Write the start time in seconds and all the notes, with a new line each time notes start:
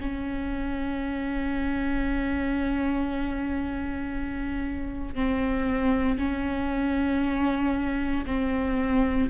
0.00 C#4
5.15 C4
6.18 C#4
8.26 C4